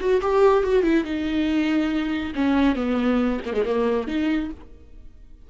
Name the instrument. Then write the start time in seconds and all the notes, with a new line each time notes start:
viola
0.00 F#4
0.21 G4
0.64 F#4
0.83 E4
1.04 D#4
2.35 C#4
2.76 B3
3.46 A#3
3.54 G#3
3.65 A#3
4.08 D#4